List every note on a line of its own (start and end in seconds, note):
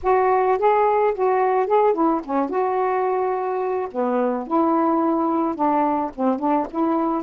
0.02 0.58 F#4
0.58 1.13 G#4
1.14 1.66 F#4
1.66 1.93 G#4
1.93 2.21 E4
2.24 2.49 C#4
2.49 3.88 F#4
3.91 4.47 B3
4.47 5.55 E4
5.55 6.11 D4
6.15 6.39 C4
6.39 6.67 D4
6.70 7.23 E4